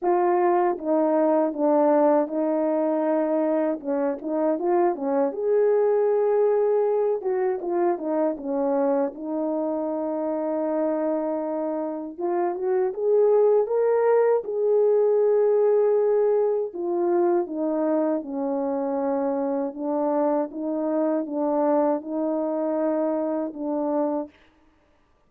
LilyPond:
\new Staff \with { instrumentName = "horn" } { \time 4/4 \tempo 4 = 79 f'4 dis'4 d'4 dis'4~ | dis'4 cis'8 dis'8 f'8 cis'8 gis'4~ | gis'4. fis'8 f'8 dis'8 cis'4 | dis'1 |
f'8 fis'8 gis'4 ais'4 gis'4~ | gis'2 f'4 dis'4 | cis'2 d'4 dis'4 | d'4 dis'2 d'4 | }